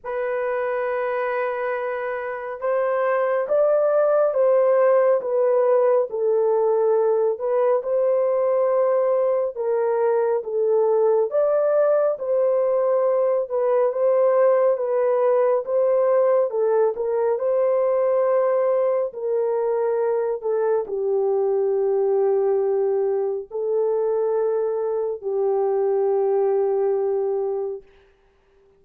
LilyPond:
\new Staff \with { instrumentName = "horn" } { \time 4/4 \tempo 4 = 69 b'2. c''4 | d''4 c''4 b'4 a'4~ | a'8 b'8 c''2 ais'4 | a'4 d''4 c''4. b'8 |
c''4 b'4 c''4 a'8 ais'8 | c''2 ais'4. a'8 | g'2. a'4~ | a'4 g'2. | }